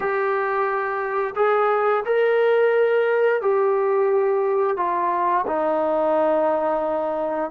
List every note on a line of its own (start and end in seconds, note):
0.00 1.34 G4
1.35 2.03 G#4
2.05 3.41 A#4
3.41 4.77 G4
4.77 5.45 F4
5.46 7.50 D#4